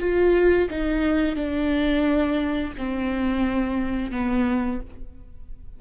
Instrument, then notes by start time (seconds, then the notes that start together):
viola
0.00 F4
0.70 D#4
1.36 D4
2.78 C4
4.12 B3